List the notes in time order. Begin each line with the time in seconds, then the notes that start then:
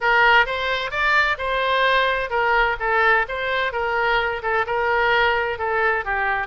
0.01 A#4
0.46 C5
0.90 D5
1.37 C5
2.29 A#4
2.79 A4
3.28 C5
3.72 A#4
4.42 A4
4.66 A#4
5.58 A4
6.04 G4